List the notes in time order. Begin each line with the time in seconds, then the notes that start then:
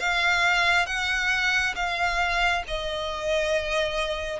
0.00 F5
0.87 F#5
1.76 F5
2.68 D#5